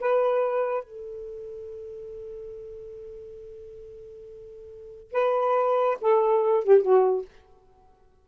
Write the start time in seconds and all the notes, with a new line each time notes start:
0.00 B4
0.83 A4
5.12 B4
6.01 A4
6.64 G4
6.82 F#4